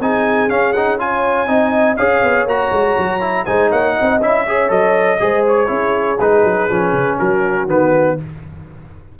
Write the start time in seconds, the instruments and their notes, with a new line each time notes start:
0.00 tuba C4, trombone D#4, horn G#4, trumpet G#5
0.49 tuba C#4, trombone C#4, trumpet F5
0.73 trombone D#4, trumpet F#5
0.99 trombone F4, horn C#5, trumpet G#5
1.47 tuba C4, trombone D#4, horn D#5
1.97 tuba C#4, trombone G#4, horn C#5, trumpet F5
2.23 tuba B3
2.46 tuba A#3, trombone F#4, trumpet A#5
2.72 tuba G#3
2.98 tuba F#3
3.21 trombone E4
3.46 tuba G#3, trombone D#4, horn C5, trumpet G#5
3.70 tuba A#3, horn C#5, trumpet F#5
3.97 tuba C4, horn D#5
4.21 tuba C#4, trombone E4, trumpet E5
4.45 trombone G#4, horn C#5
4.68 tuba F#3, trombone A4, trumpet D#5
5.20 tuba G#3, trombone G#4, horn C5
5.48 trumpet C#5
5.67 tuba C#4, trombone E4, horn G#4
6.19 tuba G#3, trombone D#4, trumpet B4
6.44 tuba F#3
6.70 tuba F3, trombone C#4
6.93 tuba C#3
7.18 tuba F#3, horn F#4, trumpet A#4
7.67 tuba D#3, trombone B3, trumpet B4